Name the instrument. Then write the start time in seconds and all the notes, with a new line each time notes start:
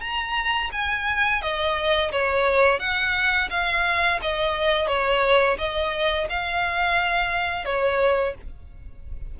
violin
0.00 A#5
0.72 G#5
1.41 D#5
2.11 C#5
2.79 F#5
3.49 F5
4.21 D#5
4.87 C#5
5.58 D#5
6.29 F5
7.65 C#5